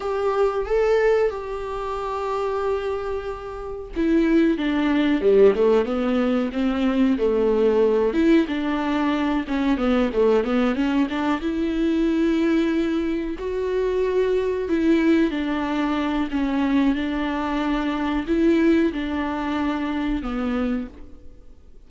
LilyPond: \new Staff \with { instrumentName = "viola" } { \time 4/4 \tempo 4 = 92 g'4 a'4 g'2~ | g'2 e'4 d'4 | g8 a8 b4 c'4 a4~ | a8 e'8 d'4. cis'8 b8 a8 |
b8 cis'8 d'8 e'2~ e'8~ | e'8 fis'2 e'4 d'8~ | d'4 cis'4 d'2 | e'4 d'2 b4 | }